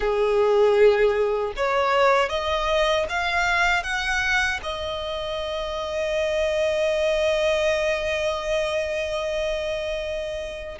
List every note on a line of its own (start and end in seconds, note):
0.00 1.53 G#4
1.56 2.29 C#5
2.29 3.06 D#5
3.09 3.83 F5
3.83 4.60 F#5
4.63 10.78 D#5